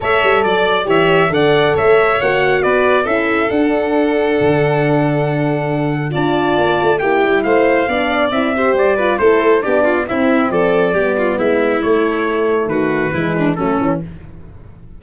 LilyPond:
<<
  \new Staff \with { instrumentName = "trumpet" } { \time 4/4 \tempo 4 = 137 e''4 d''4 e''4 fis''4 | e''4 fis''4 d''4 e''4 | fis''1~ | fis''2 a''2 |
g''4 f''2 e''4 | d''4 c''4 d''4 e''4 | d''2 e''4 cis''4~ | cis''4 b'2 a'4 | }
  \new Staff \with { instrumentName = "violin" } { \time 4/4 cis''4 d''4 cis''4 d''4 | cis''2 b'4 a'4~ | a'1~ | a'2 d''2 |
g'4 c''4 d''4. c''8~ | c''8 b'8 a'4 g'8 f'8 e'4 | a'4 g'8 f'8 e'2~ | e'4 fis'4 e'8 d'8 cis'4 | }
  \new Staff \with { instrumentName = "horn" } { \time 4/4 a'2 g'4 a'4~ | a'4 fis'2 e'4 | d'1~ | d'2 f'2 |
e'2 d'4 e'8 g'8~ | g'8 f'8 e'4 d'4 c'4~ | c'4 b2 a4~ | a2 gis4 a8 cis'8 | }
  \new Staff \with { instrumentName = "tuba" } { \time 4/4 a8 g8 fis4 e4 d4 | a4 ais4 b4 cis'4 | d'2 d2~ | d2 d'4 ais8 a8 |
ais8 g8 a4 b4 c'4 | g4 a4 b4 c'4 | f4 g4 gis4 a4~ | a4 dis4 e4 fis8 e8 | }
>>